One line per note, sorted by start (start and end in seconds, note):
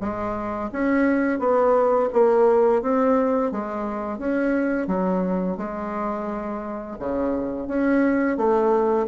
0.00 0.70 G#3
0.72 1.39 C#4
1.39 2.09 B3
2.12 2.82 A#3
2.82 3.51 C4
3.51 4.18 G#3
4.18 4.87 C#4
4.87 5.57 F#3
5.57 6.96 G#3
6.99 7.67 C#3
7.67 8.37 C#4
8.37 9.07 A3